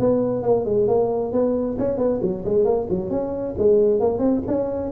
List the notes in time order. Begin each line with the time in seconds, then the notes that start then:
0.00 B3
0.43 A#3
0.66 G#3
0.88 A#3
1.33 B3
1.79 C#4
1.98 B3
2.22 F#3
2.45 G#3
2.65 A#3
2.90 F#3
3.10 C#4
3.58 G#3
4.00 A#3
4.19 C4
4.48 C#4